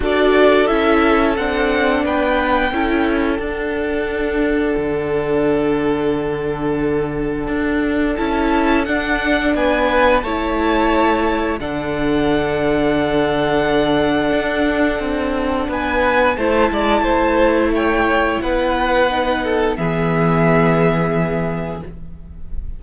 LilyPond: <<
  \new Staff \with { instrumentName = "violin" } { \time 4/4 \tempo 4 = 88 d''4 e''4 fis''4 g''4~ | g''4 fis''2.~ | fis''1 | a''4 fis''4 gis''4 a''4~ |
a''4 fis''2.~ | fis''2. gis''4 | a''2 g''4 fis''4~ | fis''4 e''2. | }
  \new Staff \with { instrumentName = "violin" } { \time 4/4 a'2. b'4 | a'1~ | a'1~ | a'2 b'4 cis''4~ |
cis''4 a'2.~ | a'2. b'4 | c''8 d''8 c''4 cis''4 b'4~ | b'8 a'8 gis'2. | }
  \new Staff \with { instrumentName = "viola" } { \time 4/4 fis'4 e'4 d'2 | e'4 d'2.~ | d'1 | e'4 d'2 e'4~ |
e'4 d'2.~ | d'1 | e'1 | dis'4 b2. | }
  \new Staff \with { instrumentName = "cello" } { \time 4/4 d'4 cis'4 c'4 b4 | cis'4 d'2 d4~ | d2. d'4 | cis'4 d'4 b4 a4~ |
a4 d2.~ | d4 d'4 c'4 b4 | a8 gis8 a2 b4~ | b4 e2. | }
>>